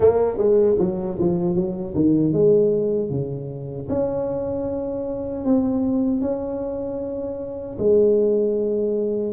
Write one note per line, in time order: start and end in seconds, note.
0.00 0.37 A#3
0.37 0.76 G#3
0.79 1.18 F#3
1.19 1.55 F3
1.55 1.94 F#3
1.94 2.32 D#3
2.32 3.10 G#3
3.10 3.87 C#3
3.89 5.44 C#4
5.44 6.21 C4
6.21 7.76 C#4
7.78 9.33 G#3